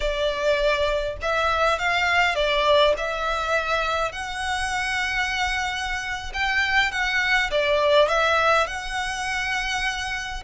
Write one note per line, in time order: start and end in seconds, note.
0.00 1.17 D5
1.22 1.78 E5
1.78 2.35 F5
2.35 2.94 D5
2.97 4.11 E5
4.11 6.32 F#5
6.33 6.91 G5
6.91 7.50 F#5
7.50 8.08 D5
8.08 8.66 E5
8.66 10.43 F#5